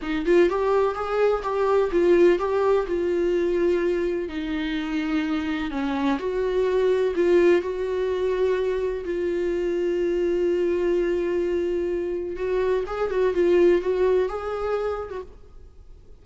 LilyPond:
\new Staff \with { instrumentName = "viola" } { \time 4/4 \tempo 4 = 126 dis'8 f'8 g'4 gis'4 g'4 | f'4 g'4 f'2~ | f'4 dis'2. | cis'4 fis'2 f'4 |
fis'2. f'4~ | f'1~ | f'2 fis'4 gis'8 fis'8 | f'4 fis'4 gis'4.~ gis'16 fis'16 | }